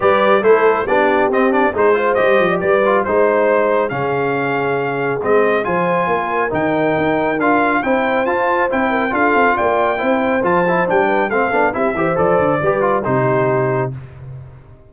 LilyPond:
<<
  \new Staff \with { instrumentName = "trumpet" } { \time 4/4 \tempo 4 = 138 d''4 c''4 d''4 dis''8 d''8 | c''4 dis''4 d''4 c''4~ | c''4 f''2. | dis''4 gis''2 g''4~ |
g''4 f''4 g''4 a''4 | g''4 f''4 g''2 | a''4 g''4 f''4 e''4 | d''2 c''2 | }
  \new Staff \with { instrumentName = "horn" } { \time 4/4 b'4 a'4 g'2 | gis'8 c''4~ c''16 d''16 b'4 c''4~ | c''4 gis'2.~ | gis'4 c''4 ais'2~ |
ais'2 c''2~ | c''8 ais'8 a'4 d''4 c''4~ | c''4. b'8 a'4 g'8 c''8~ | c''4 b'4 g'2 | }
  \new Staff \with { instrumentName = "trombone" } { \time 4/4 g'4 e'4 d'4 c'8 d'8 | dis'8 f'8 g'4. f'8 dis'4~ | dis'4 cis'2. | c'4 f'2 dis'4~ |
dis'4 f'4 e'4 f'4 | e'4 f'2 e'4 | f'8 e'8 d'4 c'8 d'8 e'8 g'8 | a'4 g'8 f'8 dis'2 | }
  \new Staff \with { instrumentName = "tuba" } { \time 4/4 g4 a4 b4 c'4 | gis4 g8 f8 g4 gis4~ | gis4 cis2. | gis4 f4 ais4 dis4 |
dis'4 d'4 c'4 f'4 | c'4 d'8 c'8 ais4 c'4 | f4 g4 a8 b8 c'8 e8 | f8 d8 g4 c2 | }
>>